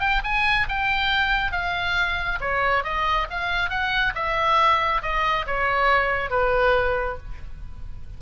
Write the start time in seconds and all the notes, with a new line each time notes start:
0.00 G5
0.24 G#5
0.69 G5
1.52 F5
2.41 C#5
2.84 D#5
3.30 F5
3.70 F#5
4.15 E5
5.02 D#5
5.46 C#5
6.30 B4